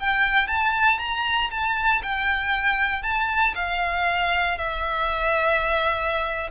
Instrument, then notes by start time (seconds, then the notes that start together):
violin
0.00 G5
0.48 A5
0.99 A#5
1.51 A5
2.03 G5
3.03 A5
3.55 F5
4.58 E5